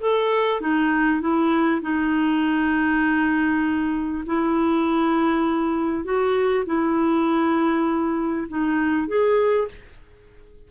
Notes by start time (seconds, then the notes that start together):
0.00 A4
0.61 D#4
1.21 E4
1.82 D#4
4.26 E4
6.04 F#4
6.66 E4
8.48 D#4
9.07 G#4